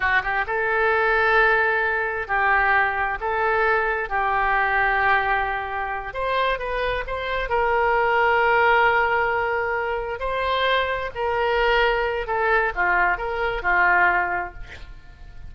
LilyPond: \new Staff \with { instrumentName = "oboe" } { \time 4/4 \tempo 4 = 132 fis'8 g'8 a'2.~ | a'4 g'2 a'4~ | a'4 g'2.~ | g'4. c''4 b'4 c''8~ |
c''8 ais'2.~ ais'8~ | ais'2~ ais'8 c''4.~ | c''8 ais'2~ ais'8 a'4 | f'4 ais'4 f'2 | }